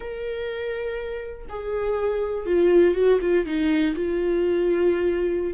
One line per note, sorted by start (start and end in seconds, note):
0.00 1.46 A#4
1.49 2.46 G#4
2.46 2.94 F4
2.94 3.19 F#4
3.21 3.45 F4
3.45 3.94 D#4
3.95 5.53 F4